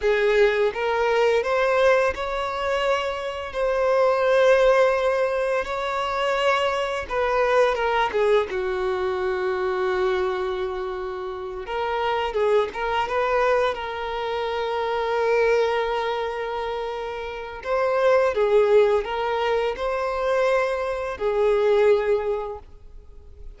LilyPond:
\new Staff \with { instrumentName = "violin" } { \time 4/4 \tempo 4 = 85 gis'4 ais'4 c''4 cis''4~ | cis''4 c''2. | cis''2 b'4 ais'8 gis'8 | fis'1~ |
fis'8 ais'4 gis'8 ais'8 b'4 ais'8~ | ais'1~ | ais'4 c''4 gis'4 ais'4 | c''2 gis'2 | }